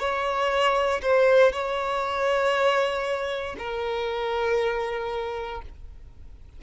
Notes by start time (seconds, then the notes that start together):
0.00 C#5
1.03 C5
1.53 C#5
3.59 A#4